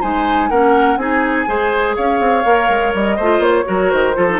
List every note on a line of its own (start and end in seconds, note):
0.00 0.50 G#3
0.00 0.50 D#4
0.00 0.49 C5
0.00 0.49 G#5
0.49 0.96 A#3
0.49 0.98 C#4
0.49 0.98 A#4
0.49 0.97 F#5
0.96 1.45 C4
0.96 1.47 D#4
0.96 1.48 G#4
0.96 1.94 G#5
1.47 1.96 G#3
1.47 2.44 G#4
1.47 1.96 C5
1.96 2.19 C#4
1.96 3.16 C#5
1.96 2.93 F5
2.19 2.44 C4
2.45 2.68 A#3
2.45 3.18 A#4
2.68 2.93 G#3
2.94 3.18 G3
2.94 3.42 D#5
3.16 3.38 A3
3.16 3.64 F4
3.16 3.65 C5
3.38 3.63 A#3
3.38 3.90 C#5
3.64 3.92 F#3
3.64 4.13 F#4
3.64 4.16 A#4
3.90 4.16 D#3
3.90 4.39 C5
4.14 4.40 F3
4.14 4.27 F4
4.14 4.40 A4
4.29 4.40 D#4